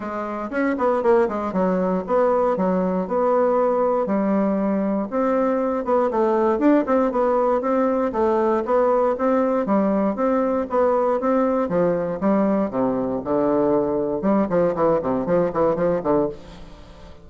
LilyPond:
\new Staff \with { instrumentName = "bassoon" } { \time 4/4 \tempo 4 = 118 gis4 cis'8 b8 ais8 gis8 fis4 | b4 fis4 b2 | g2 c'4. b8 | a4 d'8 c'8 b4 c'4 |
a4 b4 c'4 g4 | c'4 b4 c'4 f4 | g4 c4 d2 | g8 f8 e8 c8 f8 e8 f8 d8 | }